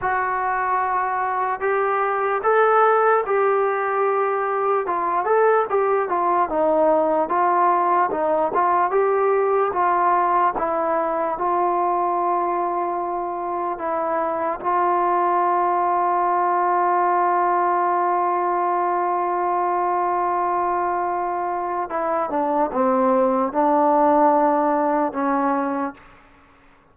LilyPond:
\new Staff \with { instrumentName = "trombone" } { \time 4/4 \tempo 4 = 74 fis'2 g'4 a'4 | g'2 f'8 a'8 g'8 f'8 | dis'4 f'4 dis'8 f'8 g'4 | f'4 e'4 f'2~ |
f'4 e'4 f'2~ | f'1~ | f'2. e'8 d'8 | c'4 d'2 cis'4 | }